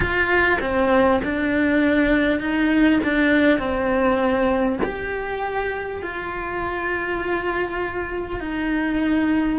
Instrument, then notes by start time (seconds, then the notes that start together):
cello
0.00 F4
0.60 C4
1.23 D4
2.40 D#4
3.03 D4
3.58 C4
4.83 G4
6.02 F4
8.40 D#4